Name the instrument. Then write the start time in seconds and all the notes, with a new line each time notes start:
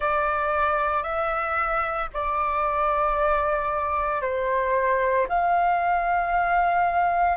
flute
0.00 D5
1.02 E5
2.13 D5
4.21 C5
5.28 F5